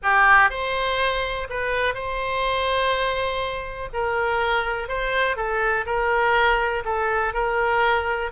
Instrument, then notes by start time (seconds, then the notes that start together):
oboe
0.02 G4
0.50 C5
1.49 B4
1.94 C5
3.93 A#4
4.88 C5
5.36 A4
5.86 A#4
6.84 A4
7.33 A#4